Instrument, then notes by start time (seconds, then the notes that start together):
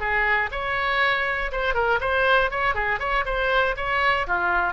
oboe
0.00 G#4
0.52 C#5
1.52 C5
1.74 A#4
2.00 C5
2.51 C#5
2.75 G#4
3.00 C#5
3.25 C5
3.77 C#5
4.27 F4